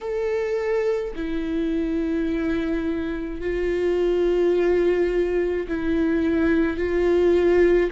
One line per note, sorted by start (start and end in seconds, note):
0.00 1.13 A4
1.15 3.41 E4
3.41 5.67 F4
5.68 6.77 E4
6.77 7.90 F4